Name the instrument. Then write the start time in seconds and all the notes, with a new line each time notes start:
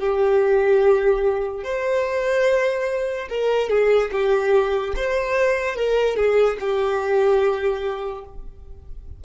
violin
0.00 G4
1.64 C5
3.30 A#4
3.70 G#4
4.12 G4
4.97 C5
5.76 A#4
6.17 G#4
6.61 G4